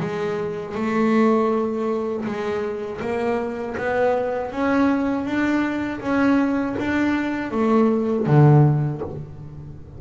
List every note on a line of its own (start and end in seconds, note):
0.00 0.75 G#3
0.75 2.25 A3
2.25 3.00 G#3
3.01 3.76 A#3
3.77 4.51 B3
4.51 5.25 C#4
5.25 6.00 D4
6.00 6.75 C#4
6.79 7.51 D4
7.51 8.26 A3
8.26 9.01 D3